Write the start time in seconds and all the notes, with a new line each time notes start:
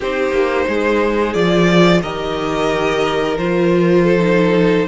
0.00 C4 D#4 G4 C5
0.31 A#3
0.67 G#3 G#4
1.33 F3 F4 D5
2.02 D#3 G4 A#4 D#5
3.37 F3 F4 C5
4.04 A4
4.19 D#4